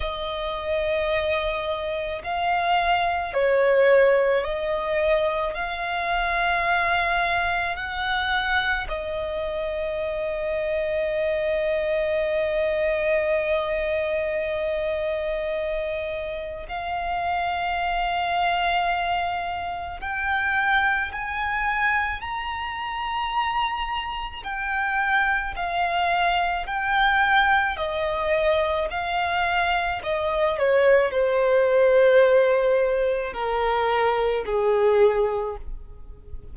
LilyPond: \new Staff \with { instrumentName = "violin" } { \time 4/4 \tempo 4 = 54 dis''2 f''4 cis''4 | dis''4 f''2 fis''4 | dis''1~ | dis''2. f''4~ |
f''2 g''4 gis''4 | ais''2 g''4 f''4 | g''4 dis''4 f''4 dis''8 cis''8 | c''2 ais'4 gis'4 | }